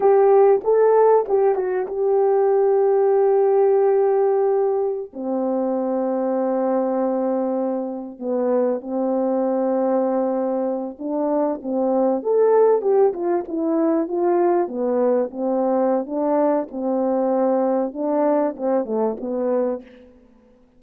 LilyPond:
\new Staff \with { instrumentName = "horn" } { \time 4/4 \tempo 4 = 97 g'4 a'4 g'8 fis'8 g'4~ | g'1~ | g'16 c'2.~ c'8.~ | c'4~ c'16 b4 c'4.~ c'16~ |
c'4.~ c'16 d'4 c'4 a'16~ | a'8. g'8 f'8 e'4 f'4 b16~ | b8. c'4~ c'16 d'4 c'4~ | c'4 d'4 c'8 a8 b4 | }